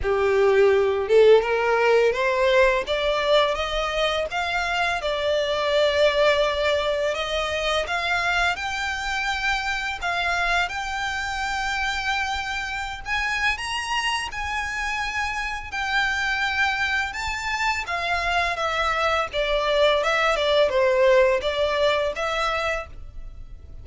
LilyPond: \new Staff \with { instrumentName = "violin" } { \time 4/4 \tempo 4 = 84 g'4. a'8 ais'4 c''4 | d''4 dis''4 f''4 d''4~ | d''2 dis''4 f''4 | g''2 f''4 g''4~ |
g''2~ g''16 gis''8. ais''4 | gis''2 g''2 | a''4 f''4 e''4 d''4 | e''8 d''8 c''4 d''4 e''4 | }